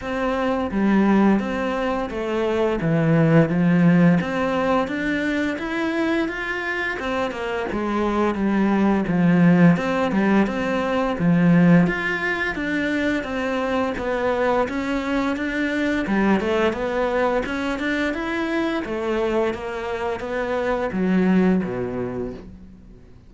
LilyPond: \new Staff \with { instrumentName = "cello" } { \time 4/4 \tempo 4 = 86 c'4 g4 c'4 a4 | e4 f4 c'4 d'4 | e'4 f'4 c'8 ais8 gis4 | g4 f4 c'8 g8 c'4 |
f4 f'4 d'4 c'4 | b4 cis'4 d'4 g8 a8 | b4 cis'8 d'8 e'4 a4 | ais4 b4 fis4 b,4 | }